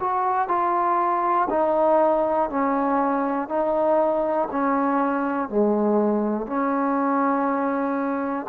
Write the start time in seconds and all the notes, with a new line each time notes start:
0.00 F#4
0.49 F4
1.50 D#4
2.50 C#4
3.49 D#4
4.51 C#4
5.50 G#3
6.47 C#4